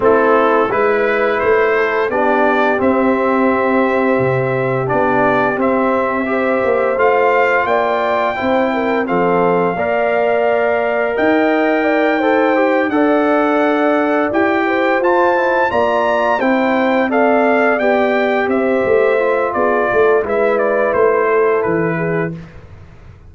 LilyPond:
<<
  \new Staff \with { instrumentName = "trumpet" } { \time 4/4 \tempo 4 = 86 a'4 b'4 c''4 d''4 | e''2. d''4 | e''2 f''4 g''4~ | g''4 f''2. |
g''2~ g''8 fis''4.~ | fis''8 g''4 a''4 ais''4 g''8~ | g''8 f''4 g''4 e''4. | d''4 e''8 d''8 c''4 b'4 | }
  \new Staff \with { instrumentName = "horn" } { \time 4/4 e'4 b'4. a'8 g'4~ | g'1~ | g'4 c''2 d''4 | c''8 ais'8 a'4 d''2 |
dis''4 d''8 c''4 d''4.~ | d''4 c''4. d''4 c''8~ | c''8 d''2 c''4. | gis'8 a'8 b'4. a'4 gis'8 | }
  \new Staff \with { instrumentName = "trombone" } { \time 4/4 c'4 e'2 d'4 | c'2. d'4 | c'4 g'4 f'2 | e'4 c'4 ais'2~ |
ais'4. a'8 g'8 a'4.~ | a'8 g'4 f'8 e'8 f'4 e'8~ | e'8 a'4 g'2 f'8~ | f'4 e'2. | }
  \new Staff \with { instrumentName = "tuba" } { \time 4/4 a4 gis4 a4 b4 | c'2 c4 b4 | c'4. ais8 a4 ais4 | c'4 f4 ais2 |
dis'2~ dis'8 d'4.~ | d'8 e'4 f'4 ais4 c'8~ | c'4. b4 c'8 a4 | b8 a8 gis4 a4 e4 | }
>>